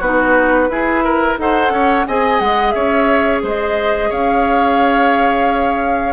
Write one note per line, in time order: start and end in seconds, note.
0.00 0.69 B3
0.00 0.70 D#4
0.00 0.68 F#4
0.00 1.38 B4
0.69 1.37 E4
0.69 1.38 E4
0.69 1.04 G#4
1.04 1.38 A#4
1.38 1.70 D#4
1.38 2.06 A4
1.38 1.73 C5
1.38 2.07 F#5
1.70 2.05 C#4
1.70 2.07 C#5
2.07 2.40 C4
2.07 6.13 G#4
2.07 2.75 D#5
2.07 2.39 G#5
2.39 2.74 G#3
2.39 2.71 F#5
2.71 3.43 C#4
2.71 3.43 C#5
2.71 3.39 E5
3.43 4.11 G#3
3.43 4.09 C5
3.43 4.12 D#5
4.09 6.13 C#4
4.09 6.13 C#5
4.09 6.13 F5